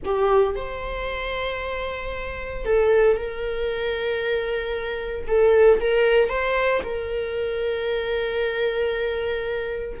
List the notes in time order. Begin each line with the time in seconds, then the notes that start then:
0.05 G4
0.55 C5
2.65 A4
3.16 A#4
5.27 A4
5.80 A#4
6.29 C5
6.83 A#4